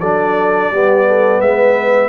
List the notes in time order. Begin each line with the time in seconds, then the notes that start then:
0.00 F#3 D4 A4 D5
0.71 G3 B3 G4
1.07 A4
1.41 G#3 B4 E5